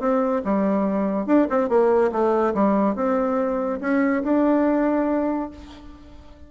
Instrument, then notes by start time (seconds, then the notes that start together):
bassoon
0.00 C4
0.45 G3
1.26 D4
1.50 C4
1.69 A#3
2.12 A3
2.55 G3
2.96 C4
3.81 C#4
4.24 D4